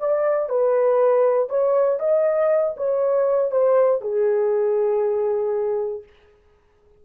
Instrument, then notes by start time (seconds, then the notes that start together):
horn
0.00 D5
0.50 B4
1.50 C#5
2.00 D#5
2.77 C#5
3.52 C5
4.02 G#4